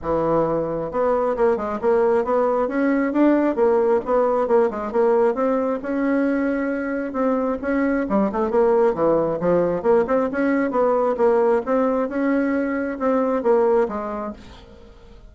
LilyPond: \new Staff \with { instrumentName = "bassoon" } { \time 4/4 \tempo 4 = 134 e2 b4 ais8 gis8 | ais4 b4 cis'4 d'4 | ais4 b4 ais8 gis8 ais4 | c'4 cis'2. |
c'4 cis'4 g8 a8 ais4 | e4 f4 ais8 c'8 cis'4 | b4 ais4 c'4 cis'4~ | cis'4 c'4 ais4 gis4 | }